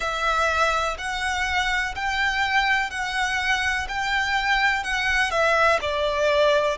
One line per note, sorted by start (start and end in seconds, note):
0.00 0.97 E5
0.98 1.94 F#5
1.95 2.90 G5
2.90 3.87 F#5
3.88 4.83 G5
4.83 5.30 F#5
5.30 5.79 E5
5.81 6.77 D5